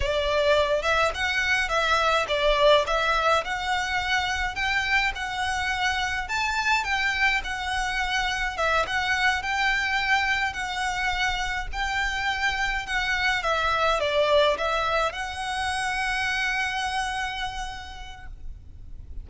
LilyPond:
\new Staff \with { instrumentName = "violin" } { \time 4/4 \tempo 4 = 105 d''4. e''8 fis''4 e''4 | d''4 e''4 fis''2 | g''4 fis''2 a''4 | g''4 fis''2 e''8 fis''8~ |
fis''8 g''2 fis''4.~ | fis''8 g''2 fis''4 e''8~ | e''8 d''4 e''4 fis''4.~ | fis''1 | }